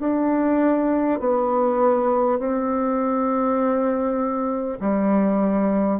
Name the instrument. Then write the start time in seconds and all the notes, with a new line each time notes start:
bassoon
0.00 D4
1.19 B3
2.39 C4
4.80 G3